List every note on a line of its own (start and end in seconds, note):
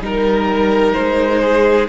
0.00 0.94 G3
0.00 1.89 D#4
0.00 1.42 A#4
0.06 0.93 A#4
0.93 1.89 G#3
0.93 1.87 C5
1.42 1.89 G#4